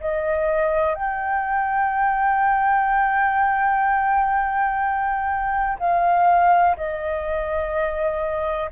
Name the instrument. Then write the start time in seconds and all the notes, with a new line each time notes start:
flute
0.00 D#5
0.95 G5
5.79 F5
6.77 D#5